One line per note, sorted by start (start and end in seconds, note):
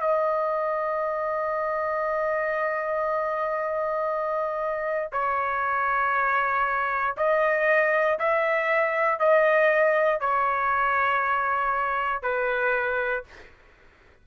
0.00 5.08 D#5
5.12 7.15 C#5
7.16 8.18 D#5
8.19 9.19 E5
9.19 10.20 D#5
10.20 12.22 C#5
12.22 13.23 B4